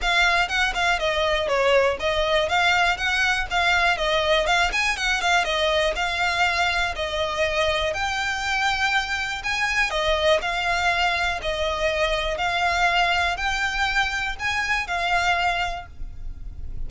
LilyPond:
\new Staff \with { instrumentName = "violin" } { \time 4/4 \tempo 4 = 121 f''4 fis''8 f''8 dis''4 cis''4 | dis''4 f''4 fis''4 f''4 | dis''4 f''8 gis''8 fis''8 f''8 dis''4 | f''2 dis''2 |
g''2. gis''4 | dis''4 f''2 dis''4~ | dis''4 f''2 g''4~ | g''4 gis''4 f''2 | }